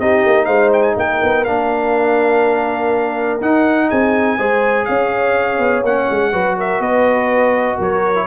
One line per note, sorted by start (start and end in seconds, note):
0.00 0.24 C4
0.00 1.46 D#4
0.00 0.46 G4
0.00 0.46 D#5
0.26 0.47 A#3
0.46 0.96 G#3
0.46 0.95 C5
0.46 0.70 F5
0.73 0.83 G5
0.83 0.95 G#5
0.97 1.21 A#3
0.97 3.90 A#4
0.97 1.45 G5
1.23 1.47 B3
1.45 3.41 A#3
1.45 3.41 D4
1.45 3.40 F5
3.41 3.90 D#4
3.41 4.39 D#4
3.41 3.90 F#5
3.90 4.38 C4
3.90 4.38 G#4
3.90 4.85 G#5
4.38 4.87 G#3
4.38 5.85 G#4
4.38 4.86 C5
4.85 5.59 C#4
4.85 6.32 C#5
4.85 5.83 F5
5.59 5.83 B3
5.83 6.07 A#3
5.83 6.33 C#4
5.83 6.58 F#5
6.10 6.33 G#3
6.32 6.80 F#3
6.32 8.15 F#4
6.32 6.57 B4
6.58 6.82 A#4
6.58 6.82 E5
6.80 7.77 B3
6.80 7.77 B4
6.80 7.79 D#5
7.77 8.27 F#3
7.77 8.26 A#4
7.77 8.27 C#5
8.15 8.27 E4